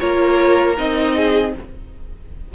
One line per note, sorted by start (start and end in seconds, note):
0.00 0.79 A#3
0.00 0.77 F4
0.00 1.16 A#4
0.00 0.76 C#5
0.77 1.55 C4
0.77 1.53 D#4
0.77 1.55 D#5
1.16 1.54 G#4